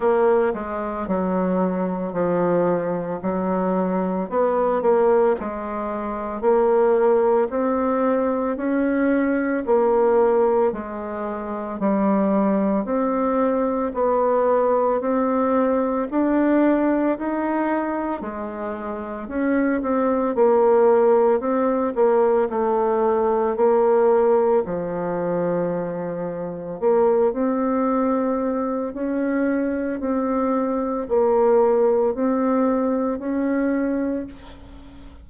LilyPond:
\new Staff \with { instrumentName = "bassoon" } { \time 4/4 \tempo 4 = 56 ais8 gis8 fis4 f4 fis4 | b8 ais8 gis4 ais4 c'4 | cis'4 ais4 gis4 g4 | c'4 b4 c'4 d'4 |
dis'4 gis4 cis'8 c'8 ais4 | c'8 ais8 a4 ais4 f4~ | f4 ais8 c'4. cis'4 | c'4 ais4 c'4 cis'4 | }